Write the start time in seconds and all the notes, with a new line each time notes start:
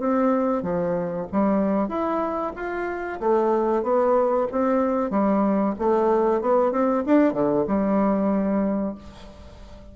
0.00 C4
0.63 F3
1.32 G3
1.89 E4
2.56 F4
3.21 A3
3.83 B3
4.52 C4
5.11 G3
5.79 A3
6.42 B3
6.72 C4
7.06 D4
7.33 D3
7.67 G3